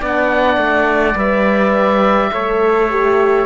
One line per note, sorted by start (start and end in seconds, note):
0.00 0.57 B3
0.00 1.15 D4
0.00 2.32 D5
0.00 1.19 F#5
0.57 1.15 A3
1.16 2.31 G3
1.16 2.31 B4
1.16 3.46 E5
2.33 3.46 A3
2.33 2.91 A4
2.33 3.46 C#5
2.91 3.46 G4